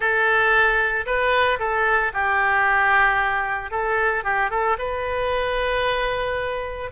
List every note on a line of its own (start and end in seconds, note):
0.00 1.05 A4
1.05 1.59 B4
1.59 2.12 A4
2.13 3.70 G4
3.70 4.24 A4
4.24 4.50 G4
4.50 4.76 A4
4.78 6.90 B4